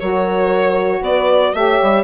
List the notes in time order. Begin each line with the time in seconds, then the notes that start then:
0.00 F#3 F#4 A#4 C#5
1.01 B3 B4 D5
1.54 A3 G4 C#5 E5
1.82 G3